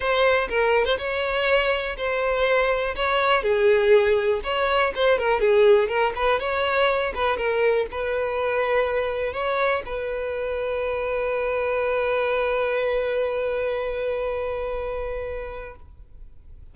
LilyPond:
\new Staff \with { instrumentName = "violin" } { \time 4/4 \tempo 4 = 122 c''4 ais'8. c''16 cis''2 | c''2 cis''4 gis'4~ | gis'4 cis''4 c''8 ais'8 gis'4 | ais'8 b'8 cis''4. b'8 ais'4 |
b'2. cis''4 | b'1~ | b'1~ | b'1 | }